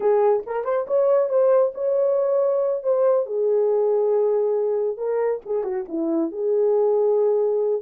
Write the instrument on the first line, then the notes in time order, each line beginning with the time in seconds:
horn
0.00 G#4
0.46 A#4
0.64 C5
0.87 C#5
1.29 C5
1.74 C#5
2.83 C5
3.26 G#4
4.97 A#4
5.45 G#4
5.63 F#4
5.88 E4
6.31 G#4